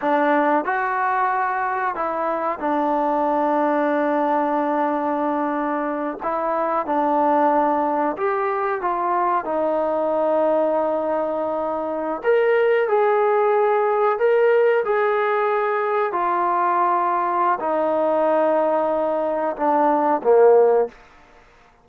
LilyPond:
\new Staff \with { instrumentName = "trombone" } { \time 4/4 \tempo 4 = 92 d'4 fis'2 e'4 | d'1~ | d'4. e'4 d'4.~ | d'8 g'4 f'4 dis'4.~ |
dis'2~ dis'8. ais'4 gis'16~ | gis'4.~ gis'16 ais'4 gis'4~ gis'16~ | gis'8. f'2~ f'16 dis'4~ | dis'2 d'4 ais4 | }